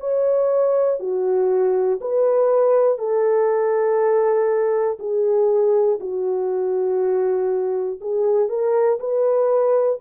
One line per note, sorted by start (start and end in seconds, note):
0.00 1.00 C#5
1.00 2.00 F#4
2.01 2.99 B4
2.99 4.99 A4
5.00 6.00 G#4
6.00 8.00 F#4
8.01 8.49 G#4
8.49 8.99 A#4
9.00 10.00 B4